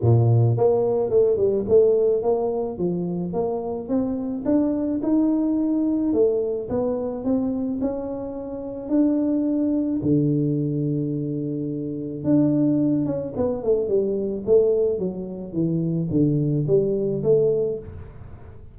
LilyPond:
\new Staff \with { instrumentName = "tuba" } { \time 4/4 \tempo 4 = 108 ais,4 ais4 a8 g8 a4 | ais4 f4 ais4 c'4 | d'4 dis'2 a4 | b4 c'4 cis'2 |
d'2 d2~ | d2 d'4. cis'8 | b8 a8 g4 a4 fis4 | e4 d4 g4 a4 | }